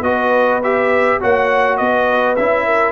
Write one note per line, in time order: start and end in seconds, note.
0.00 1.17 B3
0.00 0.61 F#4
0.00 1.20 B4
0.00 0.61 D#5
0.63 1.20 G4
0.63 1.21 E5
1.20 1.80 A#3
1.20 2.37 F#4
1.20 1.78 C#5
1.20 1.77 F#5
1.77 2.38 B3
1.77 2.65 B4
1.77 2.35 D#5
2.36 2.92 C#4
2.36 2.92 E4
2.36 2.92 E5
2.65 2.92 A#4